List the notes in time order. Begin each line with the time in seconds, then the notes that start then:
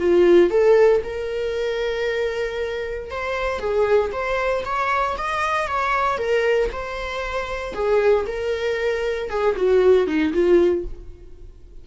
0.00 F4
0.51 A4
1.04 A#4
3.11 C5
3.60 G#4
4.13 C5
4.66 C#5
5.18 D#5
5.68 C#5
6.18 A#4
6.72 C5
7.74 G#4
8.27 A#4
9.30 G#4
9.56 F#4
10.07 D#4
10.33 F4